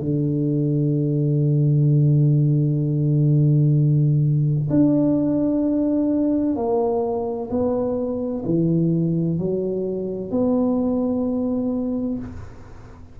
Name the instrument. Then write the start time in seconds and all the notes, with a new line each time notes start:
tuba
0.00 D3
4.70 D4
6.56 A#3
7.50 B3
8.45 E3
9.39 F#3
10.31 B3